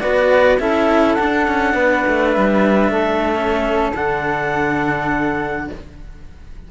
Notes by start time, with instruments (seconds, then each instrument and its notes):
0.00 cello B3 F#4, flute B4, clarinet D5
0.59 cello C#4 E4, flute A4, clarinet E5
1.14 cello D4, clarinet F#5
1.20 cello D4
1.48 cello C#4
1.74 cello B3, flute B4
2.07 cello A3
2.31 cello G3, clarinet E5
2.89 cello A3, flute A4
3.35 cello C#4
3.94 cello D3 D4, clarinet F#5